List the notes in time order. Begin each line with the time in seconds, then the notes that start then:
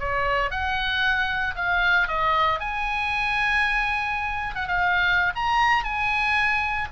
0.00 C#5
0.51 F#5
1.56 F5
2.08 D#5
2.60 G#5
4.55 F#5
4.68 F5
5.36 A#5
5.84 G#5